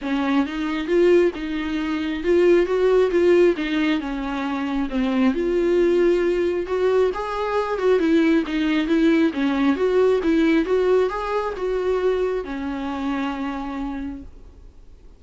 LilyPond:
\new Staff \with { instrumentName = "viola" } { \time 4/4 \tempo 4 = 135 cis'4 dis'4 f'4 dis'4~ | dis'4 f'4 fis'4 f'4 | dis'4 cis'2 c'4 | f'2. fis'4 |
gis'4. fis'8 e'4 dis'4 | e'4 cis'4 fis'4 e'4 | fis'4 gis'4 fis'2 | cis'1 | }